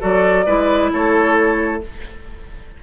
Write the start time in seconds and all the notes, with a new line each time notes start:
0.00 F#3 F#4 A4 D5
0.46 G#3 E4 B4
0.93 A3 A4 C#5